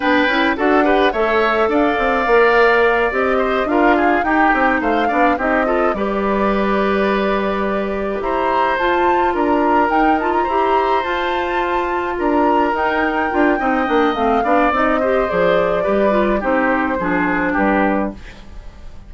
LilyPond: <<
  \new Staff \with { instrumentName = "flute" } { \time 4/4 \tempo 4 = 106 g''4 fis''4 e''4 f''4~ | f''4. dis''4 f''4 g''8~ | g''8 f''4 dis''4 d''4.~ | d''2~ d''8 ais''4 a''8~ |
a''8 ais''4 g''8 a''16 ais''4~ ais''16 a''8~ | a''4. ais''4 g''4.~ | g''4 f''4 dis''4 d''4~ | d''4 c''2 b'4 | }
  \new Staff \with { instrumentName = "oboe" } { \time 4/4 b'4 a'8 b'8 cis''4 d''4~ | d''2 c''8 ais'8 gis'8 g'8~ | g'8 c''8 d''8 g'8 a'8 b'4.~ | b'2~ b'8 c''4.~ |
c''8 ais'2 c''4.~ | c''4. ais'2~ ais'8 | dis''4. d''4 c''4. | b'4 g'4 gis'4 g'4 | }
  \new Staff \with { instrumentName = "clarinet" } { \time 4/4 d'8 e'8 fis'8 g'8 a'2 | ais'4. g'4 f'4 dis'8~ | dis'4 d'8 dis'8 f'8 g'4.~ | g'2.~ g'8 f'8~ |
f'4. dis'8 f'8 g'4 f'8~ | f'2~ f'8 dis'4 f'8 | dis'8 d'8 c'8 d'8 dis'8 g'8 gis'4 | g'8 f'8 dis'4 d'2 | }
  \new Staff \with { instrumentName = "bassoon" } { \time 4/4 b8 cis'8 d'4 a4 d'8 c'8 | ais4. c'4 d'4 dis'8 | c'8 a8 b8 c'4 g4.~ | g2~ g8 e'4 f'8~ |
f'8 d'4 dis'4 e'4 f'8~ | f'4. d'4 dis'4 d'8 | c'8 ais8 a8 b8 c'4 f4 | g4 c'4 f4 g4 | }
>>